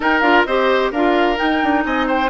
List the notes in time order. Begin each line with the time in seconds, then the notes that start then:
0.00 D#4 A#4 G5
0.20 D4 F4 F5
0.45 C4 G4 C5 D#5
0.91 D4 F4 A#4 F5
1.36 D#4 G5
1.63 D4
1.85 C4 D#5 G#5
2.06 C5 G5